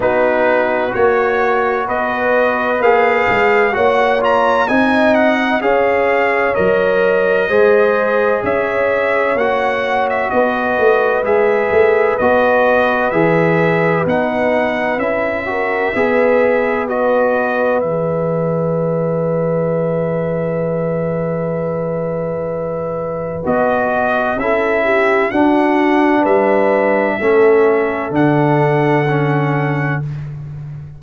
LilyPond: <<
  \new Staff \with { instrumentName = "trumpet" } { \time 4/4 \tempo 4 = 64 b'4 cis''4 dis''4 f''4 | fis''8 ais''8 gis''8 fis''8 f''4 dis''4~ | dis''4 e''4 fis''8. e''16 dis''4 | e''4 dis''4 e''4 fis''4 |
e''2 dis''4 e''4~ | e''1~ | e''4 dis''4 e''4 fis''4 | e''2 fis''2 | }
  \new Staff \with { instrumentName = "horn" } { \time 4/4 fis'2 b'2 | cis''4 dis''4 cis''2 | c''4 cis''2 b'4~ | b'1~ |
b'8 ais'8 b'2.~ | b'1~ | b'2 a'8 g'8 fis'4 | b'4 a'2. | }
  \new Staff \with { instrumentName = "trombone" } { \time 4/4 dis'4 fis'2 gis'4 | fis'8 f'8 dis'4 gis'4 ais'4 | gis'2 fis'2 | gis'4 fis'4 gis'4 dis'4 |
e'8 fis'8 gis'4 fis'4 gis'4~ | gis'1~ | gis'4 fis'4 e'4 d'4~ | d'4 cis'4 d'4 cis'4 | }
  \new Staff \with { instrumentName = "tuba" } { \time 4/4 b4 ais4 b4 ais8 gis8 | ais4 c'4 cis'4 fis4 | gis4 cis'4 ais4 b8 a8 | gis8 a8 b4 e4 b4 |
cis'4 b2 e4~ | e1~ | e4 b4 cis'4 d'4 | g4 a4 d2 | }
>>